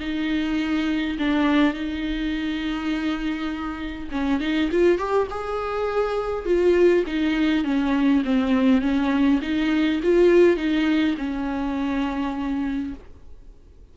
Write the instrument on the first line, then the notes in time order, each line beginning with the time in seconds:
viola
0.00 D#4
1.19 D4
1.74 D#4
4.12 C#4
4.41 D#4
4.72 F4
4.98 G4
5.31 G#4
6.45 F4
7.07 D#4
7.64 C#4
8.25 C4
8.82 C#4
9.42 D#4
10.03 F4
10.57 D#4
11.18 C#4